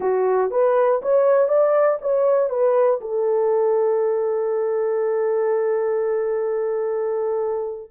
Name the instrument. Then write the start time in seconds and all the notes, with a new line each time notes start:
horn
0.00 F#4
0.50 B4
1.02 C#5
1.48 D5
2.01 C#5
2.49 B4
3.00 A4